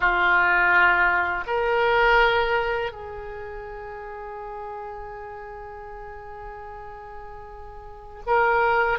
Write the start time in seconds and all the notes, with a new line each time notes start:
0.00 F4
1.46 A#4
2.92 G#4
8.26 A#4